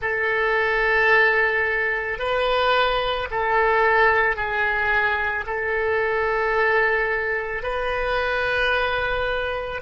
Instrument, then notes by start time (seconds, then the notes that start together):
oboe
0.01 A4
2.18 B4
3.30 A4
4.35 G#4
5.46 A4
7.63 B4